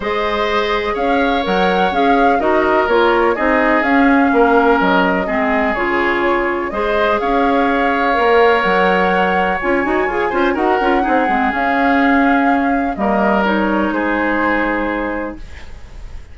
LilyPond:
<<
  \new Staff \with { instrumentName = "flute" } { \time 4/4 \tempo 4 = 125 dis''2 f''4 fis''4 | f''4 dis''4 cis''4 dis''4 | f''2 dis''2 | cis''2 dis''4 f''4~ |
f''2 fis''2 | gis''2 fis''2 | f''2. dis''4 | cis''4 c''2. | }
  \new Staff \with { instrumentName = "oboe" } { \time 4/4 c''2 cis''2~ | cis''4 ais'2 gis'4~ | gis'4 ais'2 gis'4~ | gis'2 c''4 cis''4~ |
cis''1~ | cis''4. c''8 ais'4 gis'4~ | gis'2. ais'4~ | ais'4 gis'2. | }
  \new Staff \with { instrumentName = "clarinet" } { \time 4/4 gis'2. ais'4 | gis'4 fis'4 f'4 dis'4 | cis'2. c'4 | f'2 gis'2~ |
gis'4 ais'2. | f'8 fis'8 gis'8 f'8 fis'8 f'8 dis'8 c'8 | cis'2. ais4 | dis'1 | }
  \new Staff \with { instrumentName = "bassoon" } { \time 4/4 gis2 cis'4 fis4 | cis'4 dis'4 ais4 c'4 | cis'4 ais4 fis4 gis4 | cis2 gis4 cis'4~ |
cis'4 ais4 fis2 | cis'8 dis'8 f'8 cis'8 dis'8 cis'8 c'8 gis8 | cis'2. g4~ | g4 gis2. | }
>>